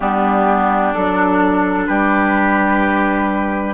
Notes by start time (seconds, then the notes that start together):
0.00 G3 B3 D4 G4
0.93 F#3 D4 A4
1.87 G3 G4 B4